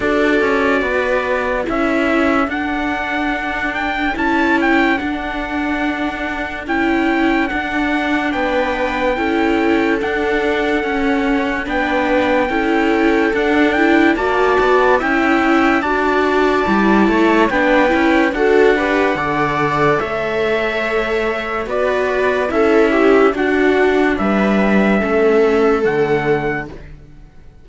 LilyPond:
<<
  \new Staff \with { instrumentName = "trumpet" } { \time 4/4 \tempo 4 = 72 d''2 e''4 fis''4~ | fis''8 g''8 a''8 g''8 fis''2 | g''4 fis''4 g''2 | fis''2 g''2 |
fis''8 g''8 a''4 g''4 a''4~ | a''4 g''4 fis''2 | e''2 d''4 e''4 | fis''4 e''2 fis''4 | }
  \new Staff \with { instrumentName = "viola" } { \time 4/4 a'4 b'4 a'2~ | a'1~ | a'2 b'4 a'4~ | a'2 b'4 a'4~ |
a'4 d''4 e''4 d''4~ | d''8 cis''8 b'4 a'8 b'8 d''4 | cis''2 b'4 a'8 g'8 | fis'4 b'4 a'2 | }
  \new Staff \with { instrumentName = "viola" } { \time 4/4 fis'2 e'4 d'4~ | d'4 e'4 d'2 | e'4 d'2 e'4 | d'4 cis'4 d'4 e'4 |
d'8 e'8 fis'4 e'4 fis'4 | e'4 d'8 e'8 fis'8 g'8 a'4~ | a'2 fis'4 e'4 | d'2 cis'4 a4 | }
  \new Staff \with { instrumentName = "cello" } { \time 4/4 d'8 cis'8 b4 cis'4 d'4~ | d'4 cis'4 d'2 | cis'4 d'4 b4 cis'4 | d'4 cis'4 b4 cis'4 |
d'4 ais8 b8 cis'4 d'4 | g8 a8 b8 cis'8 d'4 d4 | a2 b4 cis'4 | d'4 g4 a4 d4 | }
>>